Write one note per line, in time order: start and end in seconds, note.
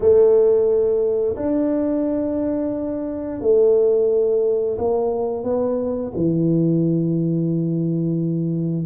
0.00 1.36 A3
1.36 3.41 D4
3.41 4.77 A3
4.78 5.43 A#3
5.43 6.11 B3
6.15 8.86 E3